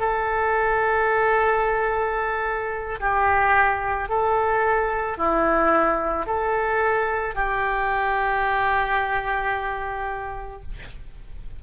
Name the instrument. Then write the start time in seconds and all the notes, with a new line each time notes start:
oboe
0.00 A4
3.00 G4
4.09 A4
5.18 E4
6.27 A4
7.35 G4